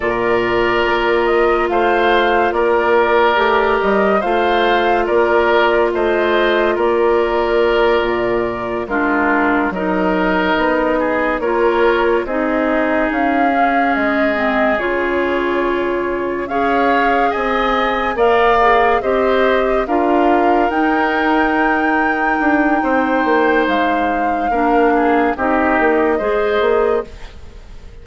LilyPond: <<
  \new Staff \with { instrumentName = "flute" } { \time 4/4 \tempo 4 = 71 d''4. dis''8 f''4 d''4~ | d''8 dis''8 f''4 d''4 dis''4 | d''2~ d''8 ais'4 dis''8~ | dis''4. cis''4 dis''4 f''8~ |
f''8 dis''4 cis''2 f''8~ | f''8 gis''4 f''4 dis''4 f''8~ | f''8 g''2.~ g''8 | f''2 dis''2 | }
  \new Staff \with { instrumentName = "oboe" } { \time 4/4 ais'2 c''4 ais'4~ | ais'4 c''4 ais'4 c''4 | ais'2~ ais'8 f'4 ais'8~ | ais'4 gis'8 ais'4 gis'4.~ |
gis'2.~ gis'8 cis''8~ | cis''8 dis''4 d''4 c''4 ais'8~ | ais'2. c''4~ | c''4 ais'8 gis'8 g'4 c''4 | }
  \new Staff \with { instrumentName = "clarinet" } { \time 4/4 f'1 | g'4 f'2.~ | f'2~ f'8 d'4 dis'8~ | dis'4. f'4 dis'4. |
cis'4 c'8 f'2 gis'8~ | gis'4. ais'8 gis'8 g'4 f'8~ | f'8 dis'2.~ dis'8~ | dis'4 d'4 dis'4 gis'4 | }
  \new Staff \with { instrumentName = "bassoon" } { \time 4/4 ais,4 ais4 a4 ais4 | a8 g8 a4 ais4 a4 | ais4. ais,4 gis4 fis8~ | fis8 b4 ais4 c'4 cis'8~ |
cis'8 gis4 cis2 cis'8~ | cis'8 c'4 ais4 c'4 d'8~ | d'8 dis'2 d'8 c'8 ais8 | gis4 ais4 c'8 ais8 gis8 ais8 | }
>>